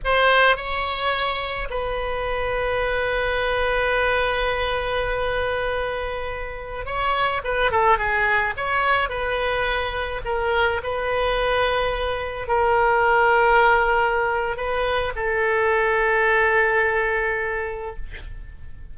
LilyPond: \new Staff \with { instrumentName = "oboe" } { \time 4/4 \tempo 4 = 107 c''4 cis''2 b'4~ | b'1~ | b'1~ | b'16 cis''4 b'8 a'8 gis'4 cis''8.~ |
cis''16 b'2 ais'4 b'8.~ | b'2~ b'16 ais'4.~ ais'16~ | ais'2 b'4 a'4~ | a'1 | }